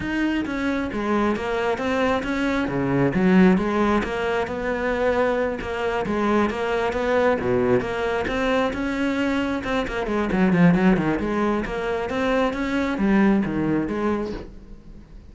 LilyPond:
\new Staff \with { instrumentName = "cello" } { \time 4/4 \tempo 4 = 134 dis'4 cis'4 gis4 ais4 | c'4 cis'4 cis4 fis4 | gis4 ais4 b2~ | b8 ais4 gis4 ais4 b8~ |
b8 b,4 ais4 c'4 cis'8~ | cis'4. c'8 ais8 gis8 fis8 f8 | fis8 dis8 gis4 ais4 c'4 | cis'4 g4 dis4 gis4 | }